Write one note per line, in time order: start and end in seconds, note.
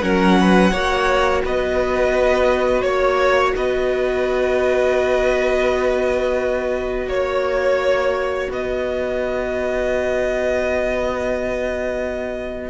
0.00 0.72 F#3
0.00 0.72 C#4
0.00 0.38 A#4
0.00 1.41 F#5
0.40 0.71 B4
0.71 1.42 A#3
0.71 12.69 F#4
0.71 1.42 C#5
1.44 2.82 B3
1.44 2.84 B4
1.44 2.81 D#5
2.81 3.53 A#3
2.81 3.52 C#5
2.81 3.54 C#5
3.56 7.06 B3
3.56 7.09 B4
3.56 7.09 D#5
7.06 8.48 A#3
7.06 8.50 C#5
7.13 8.49 C#5
8.49 12.69 B3
8.49 12.69 B4
8.49 12.69 D#5